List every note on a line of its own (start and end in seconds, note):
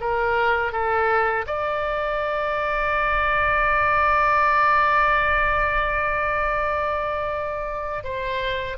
0.00 0.72 A#4
0.72 1.45 A4
1.47 8.04 D5
8.04 8.77 C5